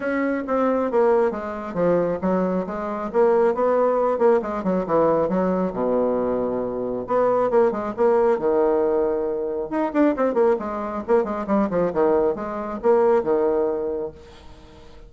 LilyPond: \new Staff \with { instrumentName = "bassoon" } { \time 4/4 \tempo 4 = 136 cis'4 c'4 ais4 gis4 | f4 fis4 gis4 ais4 | b4. ais8 gis8 fis8 e4 | fis4 b,2. |
b4 ais8 gis8 ais4 dis4~ | dis2 dis'8 d'8 c'8 ais8 | gis4 ais8 gis8 g8 f8 dis4 | gis4 ais4 dis2 | }